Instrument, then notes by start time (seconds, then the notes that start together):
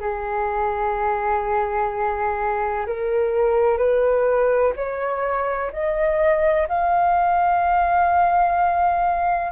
flute
0.00 G#4
2.86 A#4
3.77 B4
4.76 C#5
5.72 D#5
6.68 F5